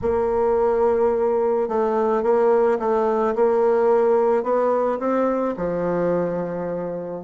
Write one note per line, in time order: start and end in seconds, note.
0.01 1.68 A#3
1.68 2.22 A3
2.22 2.78 A#3
2.79 3.34 A3
3.35 4.43 A#3
4.43 4.98 B3
4.99 5.54 C4
5.56 7.23 F3